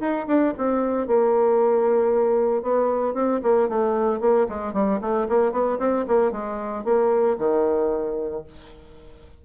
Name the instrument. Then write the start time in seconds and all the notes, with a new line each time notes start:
bassoon
0.00 D#4
0.28 D4
0.58 C4
1.07 A#3
2.62 B3
3.14 C4
3.43 A#3
3.69 A3
4.21 A#3
4.49 G#3
4.73 G3
5.01 A3
5.29 A#3
5.52 B3
5.79 C4
6.08 A#3
6.32 G#3
6.84 A#3
7.39 D#3